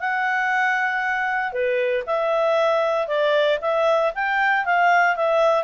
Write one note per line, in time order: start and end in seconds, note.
0.00 1.53 F#5
1.53 2.04 B4
2.07 3.08 E5
3.08 3.59 D5
3.62 4.13 E5
4.15 4.66 G5
4.66 5.16 F5
5.16 5.64 E5